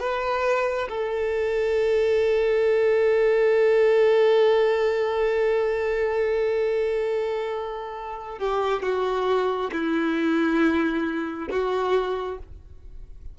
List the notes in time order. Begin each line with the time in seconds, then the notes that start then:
0.00 B4
0.89 A4
8.39 G4
8.83 F#4
9.73 E4
11.51 F#4